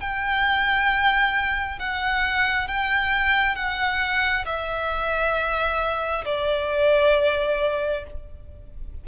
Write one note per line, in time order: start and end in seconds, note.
0.00 1.79 G5
1.79 2.67 F#5
2.67 3.55 G5
3.55 4.45 F#5
4.45 6.24 E5
6.24 8.04 D5